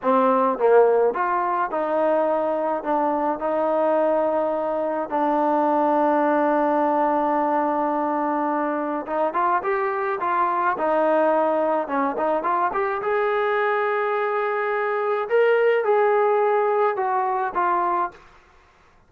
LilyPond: \new Staff \with { instrumentName = "trombone" } { \time 4/4 \tempo 4 = 106 c'4 ais4 f'4 dis'4~ | dis'4 d'4 dis'2~ | dis'4 d'2.~ | d'1 |
dis'8 f'8 g'4 f'4 dis'4~ | dis'4 cis'8 dis'8 f'8 g'8 gis'4~ | gis'2. ais'4 | gis'2 fis'4 f'4 | }